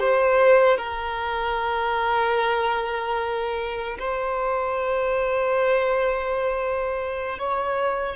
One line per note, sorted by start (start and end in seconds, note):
0.00 0.78 C5
0.78 3.98 A#4
4.00 7.39 C5
7.39 8.16 C#5